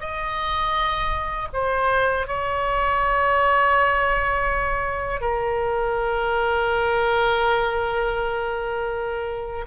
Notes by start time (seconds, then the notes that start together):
0.00 D#5
1.54 C5
2.27 C#5
5.21 A#4